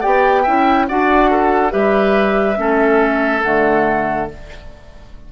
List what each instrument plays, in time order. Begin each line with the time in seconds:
0.00 bassoon B3, clarinet G4, oboe D5, flute G5
0.43 bassoon C#4, clarinet E4, oboe E5
0.88 bassoon D4, clarinet F#4, oboe D5, flute F#5
1.31 oboe A4
1.70 bassoon G3, clarinet G4, oboe B4, flute E5
2.56 bassoon A3, clarinet C#4, oboe A4
3.42 bassoon D3, clarinet A3, flute F#5